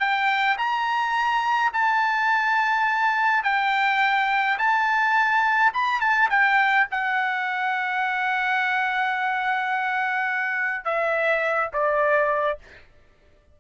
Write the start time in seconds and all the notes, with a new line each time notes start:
0.00 G5
0.58 A#5
1.74 A5
3.44 G5
4.59 A5
5.74 B5
6.01 A5
6.30 G5
6.91 F#5
10.85 E5
11.73 D5